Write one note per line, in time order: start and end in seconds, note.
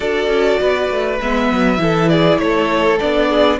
0.00 0.27 D4
0.00 1.18 F#4
0.00 0.60 A4
0.00 1.19 D5
0.27 0.57 C#4
0.60 0.90 B3
0.60 1.80 B4
0.90 1.20 A3
1.21 1.51 G#3
1.21 1.77 B3
1.21 2.08 E5
1.52 1.78 F#3
1.77 2.38 E3
1.77 2.97 E4
1.77 2.11 A4
2.08 2.41 G#4
2.08 2.38 D5
2.38 2.98 A3
2.38 3.29 A4
2.38 2.98 C#5
2.99 3.59 B3
2.99 3.59 D4
2.99 3.59 D5
3.29 3.59 G#4